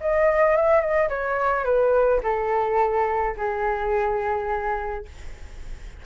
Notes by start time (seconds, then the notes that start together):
0.00 D#5
0.56 E5
0.81 D#5
1.09 C#5
1.64 B4
2.23 A4
3.37 G#4